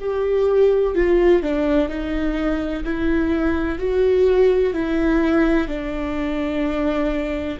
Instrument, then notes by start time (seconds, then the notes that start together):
viola
0.00 G4
0.95 F4
1.43 D4
1.89 D#4
2.84 E4
3.79 F#4
4.74 E4
5.68 D4